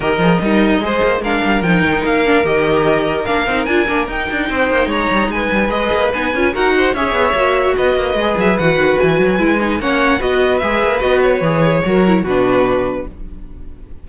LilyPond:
<<
  \new Staff \with { instrumentName = "violin" } { \time 4/4 \tempo 4 = 147 dis''2. f''4 | g''4 f''4 dis''2 | f''4 gis''4 g''2 | ais''4 gis''4 dis''4 gis''4 |
fis''4 e''2 dis''4~ | dis''8 e''8 fis''4 gis''2 | fis''4 dis''4 e''4 dis''8 cis''8~ | cis''2 b'2 | }
  \new Staff \with { instrumentName = "violin" } { \time 4/4 ais'4 dis'4 c''4 ais'4~ | ais'1~ | ais'2. c''4 | cis''4 b'2. |
ais'8 c''8 cis''2 b'4~ | b'1 | cis''4 b'2.~ | b'4 ais'4 fis'2 | }
  \new Staff \with { instrumentName = "viola" } { \time 4/4 g'8 gis'8 ais'4 gis'4 d'4 | dis'4. d'8 g'2 | d'8 dis'8 f'8 d'8 dis'2~ | dis'2 gis'4 dis'8 f'8 |
fis'4 gis'4 fis'2 | gis'4 fis'2 e'8 dis'8 | cis'4 fis'4 gis'4 fis'4 | gis'4 fis'8 e'8 d'2 | }
  \new Staff \with { instrumentName = "cello" } { \time 4/4 dis8 f8 g4 gis8 ais8 gis8 g8 | f8 dis8 ais4 dis2 | ais8 c'8 d'8 ais8 dis'8 d'8 c'8 ais8 | gis8 g8 gis8 g8 gis8 ais8 b8 cis'8 |
dis'4 cis'8 b8 ais4 b8 ais8 | gis8 fis8 e8 dis8 e8 fis8 gis4 | ais4 b4 gis8 ais8 b4 | e4 fis4 b,2 | }
>>